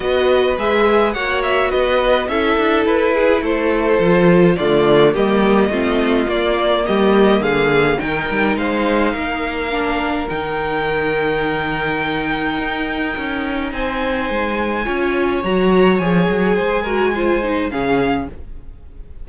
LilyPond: <<
  \new Staff \with { instrumentName = "violin" } { \time 4/4 \tempo 4 = 105 dis''4 e''4 fis''8 e''8 dis''4 | e''4 b'4 c''2 | d''4 dis''2 d''4 | dis''4 f''4 g''4 f''4~ |
f''2 g''2~ | g''1 | gis''2. ais''4 | gis''2. f''4 | }
  \new Staff \with { instrumentName = "violin" } { \time 4/4 b'2 cis''4 b'4 | a'4. gis'8 a'2 | f'4 g'4 f'2 | g'4 gis'4 ais'4 c''4 |
ais'1~ | ais'1 | c''2 cis''2~ | cis''4 c''8 ais'8 c''4 gis'4 | }
  \new Staff \with { instrumentName = "viola" } { \time 4/4 fis'4 gis'4 fis'2 | e'2. f'4 | a4 ais4 c'4 ais4~ | ais2 dis'2~ |
dis'4 d'4 dis'2~ | dis'1~ | dis'2 f'4 fis'4 | gis'4. fis'8 f'8 dis'8 cis'4 | }
  \new Staff \with { instrumentName = "cello" } { \time 4/4 b4 gis4 ais4 b4 | cis'8 d'8 e'4 a4 f4 | d4 g4 a4 ais4 | g4 d4 dis8 g8 gis4 |
ais2 dis2~ | dis2 dis'4 cis'4 | c'4 gis4 cis'4 fis4 | f8 fis8 gis2 cis4 | }
>>